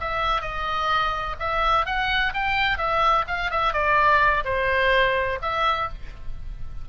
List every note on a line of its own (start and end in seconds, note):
0.00 0.41 E5
0.41 1.36 D#5
1.39 1.86 E5
1.86 2.33 F#5
2.34 2.78 G5
2.78 3.25 E5
3.27 3.51 F5
3.51 3.73 E5
3.73 4.44 D5
4.44 5.39 C5
5.42 5.89 E5